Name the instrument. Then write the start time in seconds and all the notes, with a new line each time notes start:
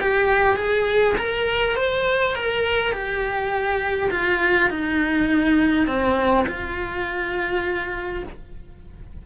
cello
0.00 G4
0.56 G#4
1.17 A#4
1.76 C5
2.35 A#4
2.92 G4
4.11 F4
4.70 D#4
5.86 C4
6.47 F4